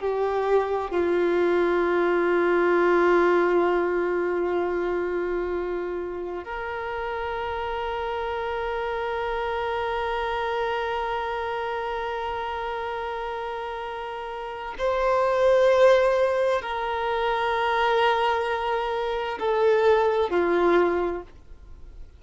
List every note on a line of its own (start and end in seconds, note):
0.00 0.91 G4
0.91 6.44 F4
6.44 14.75 A#4
14.78 16.62 C5
16.62 19.38 A#4
19.39 20.30 A4
20.30 21.22 F4